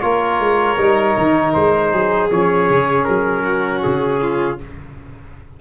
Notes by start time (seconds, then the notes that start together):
0.00 A#3 F4 A#4 C#5
0.40 G#3
0.78 G3 D#4
1.17 D#3
1.53 G#3 C5
1.91 F#3 G#4
2.30 F3 C#4 C#5
2.69 C#3
3.04 F#3 A#4
3.43 F#4
3.83 C#3 G#4
4.22 F4